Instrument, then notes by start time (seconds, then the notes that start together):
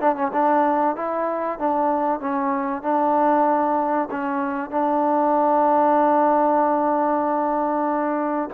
trombone
0.00 D4
0.16 C#4
0.33 D4
0.96 E4
1.59 D4
2.20 C#4
2.83 D4
4.11 C#4
4.71 D4